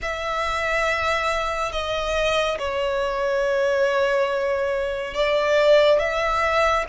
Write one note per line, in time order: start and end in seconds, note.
0.02 1.72 E5
1.72 2.58 D#5
2.58 5.14 C#5
5.14 5.99 D5
5.99 6.85 E5